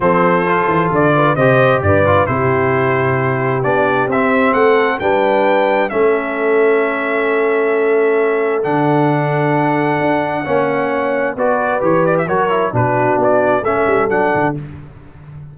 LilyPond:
<<
  \new Staff \with { instrumentName = "trumpet" } { \time 4/4 \tempo 4 = 132 c''2 d''4 dis''4 | d''4 c''2. | d''4 e''4 fis''4 g''4~ | g''4 e''2.~ |
e''2. fis''4~ | fis''1~ | fis''4 d''4 cis''8 d''16 e''16 cis''4 | b'4 d''4 e''4 fis''4 | }
  \new Staff \with { instrumentName = "horn" } { \time 4/4 a'2~ a'8 b'8 c''4 | b'4 g'2.~ | g'2 a'4 b'4~ | b'4 a'2.~ |
a'1~ | a'2. cis''4~ | cis''4 b'2 ais'4 | fis'2 a'2 | }
  \new Staff \with { instrumentName = "trombone" } { \time 4/4 c'4 f'2 g'4~ | g'8 f'8 e'2. | d'4 c'2 d'4~ | d'4 cis'2.~ |
cis'2. d'4~ | d'2. cis'4~ | cis'4 fis'4 g'4 fis'8 e'8 | d'2 cis'4 d'4 | }
  \new Staff \with { instrumentName = "tuba" } { \time 4/4 f4. e8 d4 c4 | g,4 c2. | b4 c'4 a4 g4~ | g4 a2.~ |
a2. d4~ | d2 d'4 ais4~ | ais4 b4 e4 fis4 | b,4 b4 a8 g8 fis8 d8 | }
>>